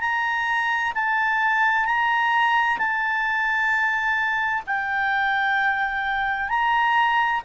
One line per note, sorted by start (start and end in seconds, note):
0.00 0.92 A#5
0.94 1.85 A5
1.85 2.77 A#5
2.78 4.62 A5
4.66 6.49 G5
6.49 7.41 A#5